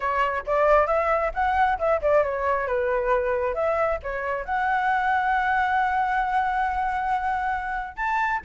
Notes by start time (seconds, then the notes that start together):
0.00 C#5
0.46 D5
0.87 E5
1.33 F#5
1.78 E5
2.01 D5
2.23 C#5
2.67 B4
3.54 E5
4.02 C#5
4.44 F#5
7.96 A5